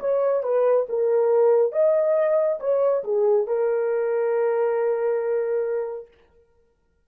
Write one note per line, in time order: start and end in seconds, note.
0.00 0.43 C#5
0.43 0.87 B4
0.89 1.72 A#4
1.72 2.59 D#5
2.60 3.04 C#5
3.04 3.47 G#4
3.47 6.08 A#4